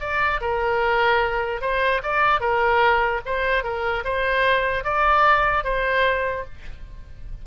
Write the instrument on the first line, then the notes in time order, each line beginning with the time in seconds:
oboe
0.00 D5
0.41 A#4
1.61 C5
2.03 D5
2.40 A#4
3.25 C5
3.63 A#4
4.04 C5
4.84 D5
5.64 C5